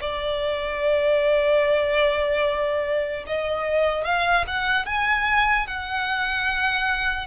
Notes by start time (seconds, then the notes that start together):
0.00 D5
3.27 D#5
4.04 F5
4.47 F#5
4.85 G#5
5.66 F#5